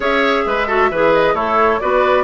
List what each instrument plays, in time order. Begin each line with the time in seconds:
0.00 bassoon C#4, clarinet G#4, oboe C#5, flute E5
0.45 bassoon G#3, oboe B4
0.67 clarinet F#4, oboe A4
0.90 bassoon E3, clarinet G#4, oboe B4
1.13 flute D#5
1.33 bassoon A3, oboe E4, clarinet A4, flute C#5
1.80 bassoon B3, clarinet F#4, oboe B4, flute D5